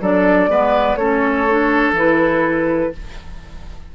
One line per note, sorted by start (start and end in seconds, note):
0.00 0.47 F#3
0.00 0.49 D4
0.00 0.50 A4
0.00 0.96 D5
0.47 0.95 G#3
0.47 0.97 B3
0.47 0.98 B4
0.95 1.92 A3
0.95 1.48 C#4
0.95 2.92 A4
0.95 1.92 C#5
1.48 1.95 D4
1.92 2.89 E3
1.92 2.92 E4
1.98 2.95 B4